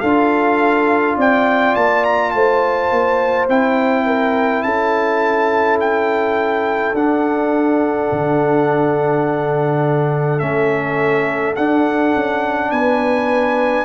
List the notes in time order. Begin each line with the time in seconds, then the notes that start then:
0.00 D4 F4 A4 F5
1.17 C4 D5 G5
1.75 A#3 A5
2.04 A#5
2.31 A3 C5 A5
2.91 A#3
3.49 C4 E4 G5
4.06 A#4
4.62 C#4 A4 A5
5.80 G5
6.93 D4 F#5
8.12 D3
10.39 A3 C#4 E5
11.56 D4 F#5
12.15 C#4
12.71 B3 B4 G#5